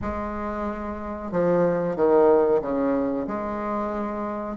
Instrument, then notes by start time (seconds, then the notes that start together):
bassoon
0.01 G#3
1.31 F3
1.96 D#3
2.61 C#3
3.27 G#3